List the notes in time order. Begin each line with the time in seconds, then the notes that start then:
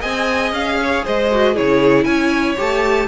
0.00 C4 G#4 D#5 G#5
0.51 C#4 F5
0.80 C#5
1.05 G#3 C5 D#5
1.31 F#4
1.54 C#3 E4 G#4 C#5
2.04 C#4 C#5 G#5
2.57 A3 G4 A5